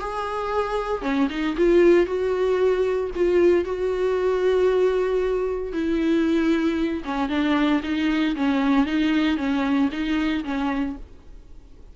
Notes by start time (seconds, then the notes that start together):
0.00 G#4
1.02 C#4
1.30 D#4
1.57 F4
2.06 F#4
3.16 F4
3.65 F#4
5.73 E4
7.05 C#4
7.29 D4
7.83 D#4
8.36 C#4
8.86 D#4
9.37 C#4
9.92 D#4
10.44 C#4